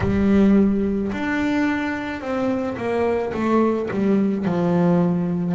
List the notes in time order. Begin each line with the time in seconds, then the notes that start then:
0.00 G3
1.12 D4
2.21 C4
2.77 A#3
3.33 A3
3.90 G3
4.45 F3